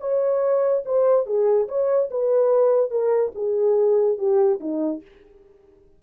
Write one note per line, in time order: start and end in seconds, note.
0.00 0.83 C#5
0.85 1.26 C5
1.26 1.68 G#4
1.68 2.10 C#5
2.11 2.90 B4
2.90 3.32 A#4
3.35 4.18 G#4
4.18 4.59 G4
4.60 5.02 D#4